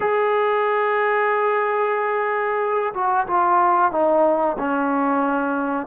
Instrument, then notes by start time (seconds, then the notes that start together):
trombone
0.00 G#4
2.94 F#4
3.27 F4
3.91 D#4
4.58 C#4